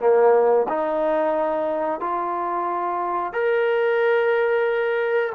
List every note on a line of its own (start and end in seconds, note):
0.00 0.67 A#3
0.69 2.00 D#4
2.00 3.33 F4
3.33 5.33 A#4